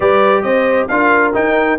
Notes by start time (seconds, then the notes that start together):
0.00 G3 G4 B4 D5
0.42 C4 C5 D#5
0.88 D4 F4 A#4 F5
1.33 D#4 G5